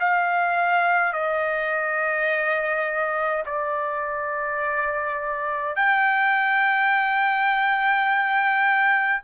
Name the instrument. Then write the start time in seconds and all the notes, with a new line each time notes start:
trumpet
0.00 F5
1.13 D#5
3.46 D5
5.76 G5